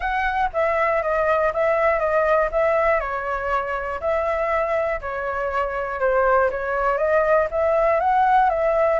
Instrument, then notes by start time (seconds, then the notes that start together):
flute
0.00 F#5
0.53 E5
1.02 D#5
1.53 E5
1.99 D#5
2.51 E5
3.00 C#5
4.00 E5
5.01 C#5
6.00 C5
6.50 C#5
6.97 D#5
7.50 E5
8.00 F#5
8.49 E5